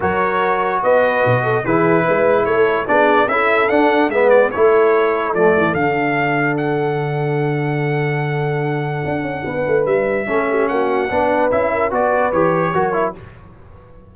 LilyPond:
<<
  \new Staff \with { instrumentName = "trumpet" } { \time 4/4 \tempo 4 = 146 cis''2 dis''2 | b'2 cis''4 d''4 | e''4 fis''4 e''8 d''8 cis''4~ | cis''4 d''4 f''2 |
fis''1~ | fis''1 | e''2 fis''2 | e''4 d''4 cis''2 | }
  \new Staff \with { instrumentName = "horn" } { \time 4/4 ais'2 b'4. a'8 | gis'4 b'4 a'4 gis'4 | a'2 b'4 a'4~ | a'1~ |
a'1~ | a'2. b'4~ | b'4 a'8 g'8 fis'4 b'4~ | b'8 ais'8 b'2 ais'4 | }
  \new Staff \with { instrumentName = "trombone" } { \time 4/4 fis'1 | e'2. d'4 | e'4 d'4 b4 e'4~ | e'4 a4 d'2~ |
d'1~ | d'1~ | d'4 cis'2 d'4 | e'4 fis'4 g'4 fis'8 e'8 | }
  \new Staff \with { instrumentName = "tuba" } { \time 4/4 fis2 b4 b,4 | e4 gis4 a4 b4 | cis'4 d'4 gis4 a4~ | a4 f8 e8 d2~ |
d1~ | d2 d'8 cis'8 b8 a8 | g4 a4 ais4 b4 | cis'4 b4 e4 fis4 | }
>>